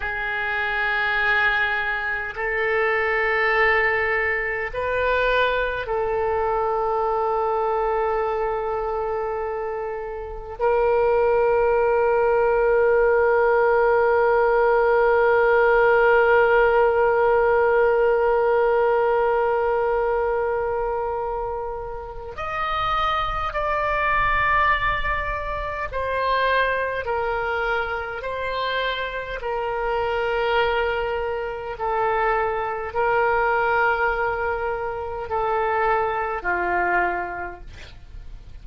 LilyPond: \new Staff \with { instrumentName = "oboe" } { \time 4/4 \tempo 4 = 51 gis'2 a'2 | b'4 a'2.~ | a'4 ais'2.~ | ais'1~ |
ais'2. dis''4 | d''2 c''4 ais'4 | c''4 ais'2 a'4 | ais'2 a'4 f'4 | }